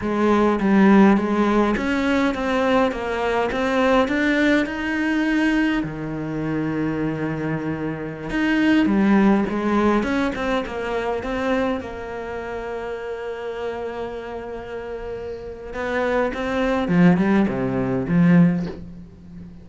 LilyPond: \new Staff \with { instrumentName = "cello" } { \time 4/4 \tempo 4 = 103 gis4 g4 gis4 cis'4 | c'4 ais4 c'4 d'4 | dis'2 dis2~ | dis2~ dis16 dis'4 g8.~ |
g16 gis4 cis'8 c'8 ais4 c'8.~ | c'16 ais2.~ ais8.~ | ais2. b4 | c'4 f8 g8 c4 f4 | }